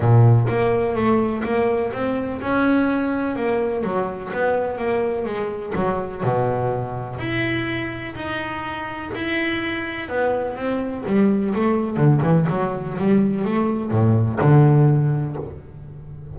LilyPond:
\new Staff \with { instrumentName = "double bass" } { \time 4/4 \tempo 4 = 125 ais,4 ais4 a4 ais4 | c'4 cis'2 ais4 | fis4 b4 ais4 gis4 | fis4 b,2 e'4~ |
e'4 dis'2 e'4~ | e'4 b4 c'4 g4 | a4 d8 e8 fis4 g4 | a4 a,4 d2 | }